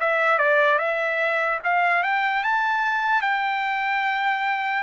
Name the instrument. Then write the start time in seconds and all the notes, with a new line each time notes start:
trumpet
0.00 E5
0.38 D5
0.78 E5
1.64 F5
2.03 G5
2.43 A5
3.21 G5